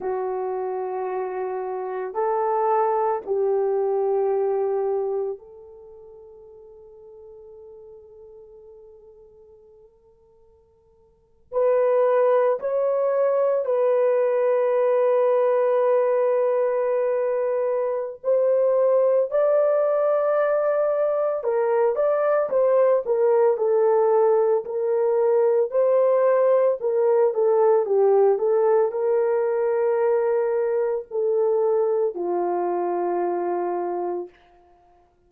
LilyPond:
\new Staff \with { instrumentName = "horn" } { \time 4/4 \tempo 4 = 56 fis'2 a'4 g'4~ | g'4 a'2.~ | a'2~ a'8. b'4 cis''16~ | cis''8. b'2.~ b'16~ |
b'4 c''4 d''2 | ais'8 d''8 c''8 ais'8 a'4 ais'4 | c''4 ais'8 a'8 g'8 a'8 ais'4~ | ais'4 a'4 f'2 | }